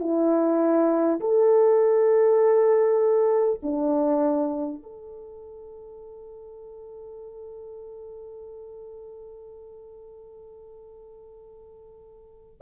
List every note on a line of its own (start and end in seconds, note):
0.00 1.20 E4
1.21 3.61 A4
3.63 4.83 D4
4.83 12.62 A4